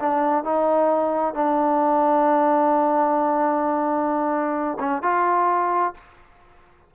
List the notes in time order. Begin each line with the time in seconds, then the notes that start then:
0.00 D4
0.44 D#4
1.35 D4
4.80 C#4
5.03 F4